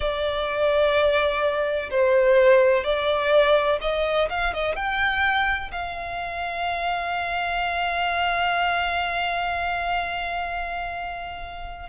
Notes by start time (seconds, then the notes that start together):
0.00 D5
1.90 C5
2.84 D5
3.81 D#5
4.29 F5
4.53 D#5
4.75 G5
5.71 F5